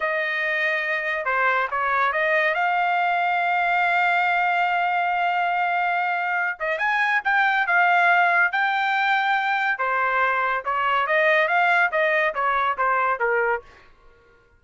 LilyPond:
\new Staff \with { instrumentName = "trumpet" } { \time 4/4 \tempo 4 = 141 dis''2. c''4 | cis''4 dis''4 f''2~ | f''1~ | f''2.~ f''8 dis''8 |
gis''4 g''4 f''2 | g''2. c''4~ | c''4 cis''4 dis''4 f''4 | dis''4 cis''4 c''4 ais'4 | }